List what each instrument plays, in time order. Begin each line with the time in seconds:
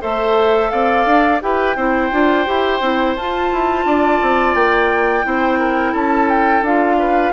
0.00 bassoon A3, clarinet A4, oboe C5, flute E5
0.70 bassoon C4, oboe D5, flute F5
1.05 bassoon D4
1.41 bassoon E4, clarinet G4, oboe B4, flute G5
1.76 bassoon C4, clarinet E4, oboe C5
2.11 bassoon D4, clarinet F4
2.45 bassoon E4, clarinet G4
2.80 bassoon C4, clarinet E4
3.16 bassoon F4, clarinet F4, flute A5
3.52 bassoon E4
3.85 bassoon D4, oboe D5
4.22 bassoon C4
4.54 bassoon A#3, flute G5
5.23 bassoon C4, clarinet E4, oboe C5
5.59 oboe A#4
5.92 bassoon C#4, oboe A4, flute A5
6.29 flute G5
6.61 bassoon D4, clarinet F4, flute F5
6.98 oboe B4